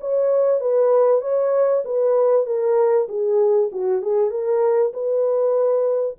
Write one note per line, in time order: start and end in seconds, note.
0.00 0.60 C#5
0.60 1.21 B4
1.21 1.83 C#5
1.84 2.45 B4
2.45 3.07 A#4
3.08 3.70 G#4
3.72 4.01 F#4
4.01 4.30 G#4
4.30 4.92 A#4
4.93 6.17 B4